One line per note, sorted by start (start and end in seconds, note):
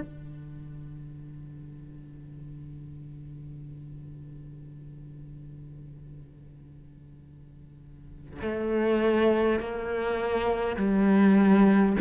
0.00 8.40 D3
8.41 9.59 A3
9.59 10.76 A#3
10.76 11.96 G3